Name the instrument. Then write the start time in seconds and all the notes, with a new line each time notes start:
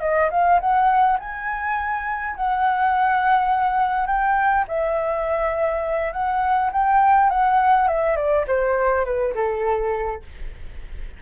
flute
0.00 D#5
0.30 F5
0.60 F#5
1.19 G#5
2.36 F#5
4.07 G5
4.68 E5
6.12 F#5
6.72 G5
7.29 F#5
7.88 E5
8.16 D5
8.47 C5
9.05 B4
9.34 A4